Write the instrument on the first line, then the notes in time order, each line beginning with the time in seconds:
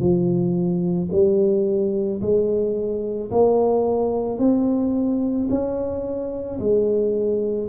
tuba
0.00 F3
1.12 G3
2.22 G#3
3.31 A#3
4.39 C4
5.50 C#4
6.60 G#3